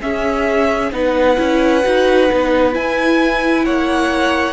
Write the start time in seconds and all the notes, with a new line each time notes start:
0.00 C#4 G#4 E5
0.91 B3 D#4 B4 F#5
1.37 C#4 E4
1.84 D#4 F#4
2.29 B3 D#4
2.72 E4 G#5
3.65 A#3 C#5 F#5